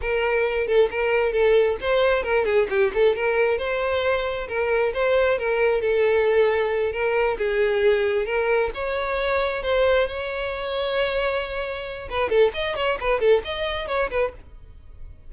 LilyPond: \new Staff \with { instrumentName = "violin" } { \time 4/4 \tempo 4 = 134 ais'4. a'8 ais'4 a'4 | c''4 ais'8 gis'8 g'8 a'8 ais'4 | c''2 ais'4 c''4 | ais'4 a'2~ a'8 ais'8~ |
ais'8 gis'2 ais'4 cis''8~ | cis''4. c''4 cis''4.~ | cis''2. b'8 a'8 | dis''8 cis''8 b'8 a'8 dis''4 cis''8 b'8 | }